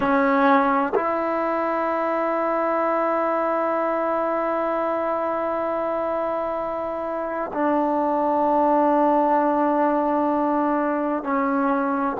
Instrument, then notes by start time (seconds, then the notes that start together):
trombone
0.00 C#4
0.95 E4
7.53 D4
11.22 C#4